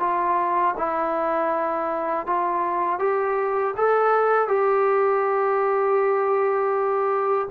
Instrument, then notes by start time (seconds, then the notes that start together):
trombone
0.00 F4
0.78 E4
2.27 F4
3.00 G4
3.77 A4
4.48 G4